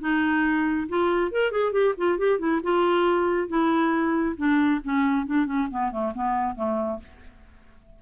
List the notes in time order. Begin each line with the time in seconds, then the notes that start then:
0.00 D#4
0.89 F4
1.31 A#4
1.51 G#4
1.72 G4
1.97 F4
2.18 G4
2.39 E4
2.63 F4
3.48 E4
4.37 D4
4.84 C#4
5.26 D4
5.46 C#4
5.71 B3
5.91 A3
6.14 B3
6.55 A3